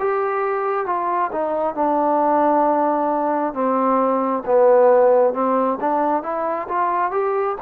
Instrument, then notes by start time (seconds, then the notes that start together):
trombone
0.00 G4
0.86 F4
1.33 D#4
1.75 D4
3.54 C4
4.46 B3
5.34 C4
5.81 D4
6.24 E4
6.69 F4
7.12 G4